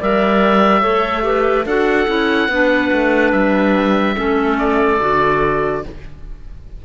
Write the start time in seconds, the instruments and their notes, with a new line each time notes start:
0.00 cello G3, clarinet A#4 D5, oboe E5
0.81 cello A3, clarinet A4 C#5
1.22 clarinet G4 B4
1.65 cello D4, clarinet F#4 A4, oboe F#5
2.07 cello C#4, clarinet E4
2.48 cello B3, clarinet D4 B4
2.92 cello A3
3.32 cello G3, oboe E5
4.15 cello A3, clarinet C#4 A4
4.58 oboe D5
5.00 cello D3, clarinet F#4